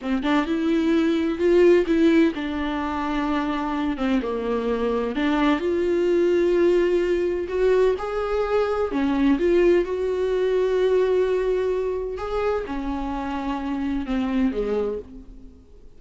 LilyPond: \new Staff \with { instrumentName = "viola" } { \time 4/4 \tempo 4 = 128 c'8 d'8 e'2 f'4 | e'4 d'2.~ | d'8 c'8 ais2 d'4 | f'1 |
fis'4 gis'2 cis'4 | f'4 fis'2.~ | fis'2 gis'4 cis'4~ | cis'2 c'4 gis4 | }